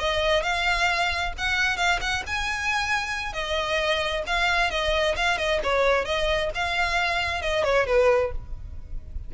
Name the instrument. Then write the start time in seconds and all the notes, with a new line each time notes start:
violin
0.00 D#5
0.43 F5
1.38 F#5
1.77 F5
2.01 F#5
2.27 G#5
3.34 D#5
4.27 F5
4.71 D#5
5.17 F5
5.38 D#5
5.64 C#5
6.06 D#5
6.55 F5
7.42 D#5
7.64 C#5
7.87 B4